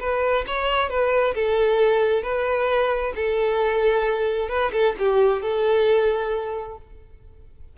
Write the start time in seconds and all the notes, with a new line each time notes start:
0.00 B4
0.47 C#5
0.90 B4
1.35 A4
2.23 B4
3.16 A4
4.49 B4
4.73 A4
4.99 G4
5.42 A4